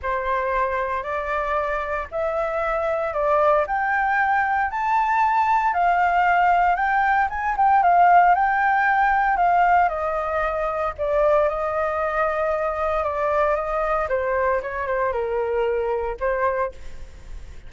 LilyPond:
\new Staff \with { instrumentName = "flute" } { \time 4/4 \tempo 4 = 115 c''2 d''2 | e''2 d''4 g''4~ | g''4 a''2 f''4~ | f''4 g''4 gis''8 g''8 f''4 |
g''2 f''4 dis''4~ | dis''4 d''4 dis''2~ | dis''4 d''4 dis''4 c''4 | cis''8 c''8 ais'2 c''4 | }